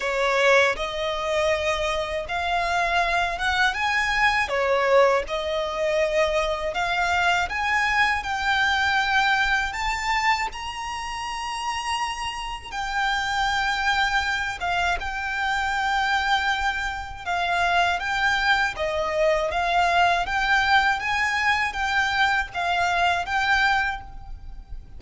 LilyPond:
\new Staff \with { instrumentName = "violin" } { \time 4/4 \tempo 4 = 80 cis''4 dis''2 f''4~ | f''8 fis''8 gis''4 cis''4 dis''4~ | dis''4 f''4 gis''4 g''4~ | g''4 a''4 ais''2~ |
ais''4 g''2~ g''8 f''8 | g''2. f''4 | g''4 dis''4 f''4 g''4 | gis''4 g''4 f''4 g''4 | }